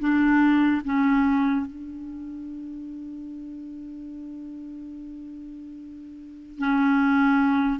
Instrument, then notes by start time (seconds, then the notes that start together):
clarinet
0.00 D4
0.85 C#4
1.67 D4
6.59 C#4